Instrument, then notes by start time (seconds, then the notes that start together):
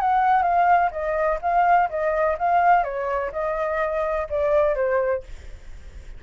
flute
0.00 F#5
0.43 F5
0.91 D#5
1.42 F5
1.90 D#5
2.38 F5
2.84 C#5
3.32 D#5
4.30 D5
4.76 C5